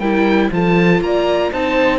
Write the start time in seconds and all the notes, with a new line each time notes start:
0.00 G3 E4 A#4 G5
0.52 F3 F4 A4 A5
1.01 A#3 D5 A#5
1.52 C4 D#4 C5 A5